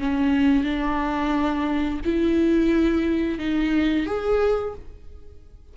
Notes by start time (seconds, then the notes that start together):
0.00 C#4
0.64 D4
2.05 E4
3.39 D#4
4.07 G#4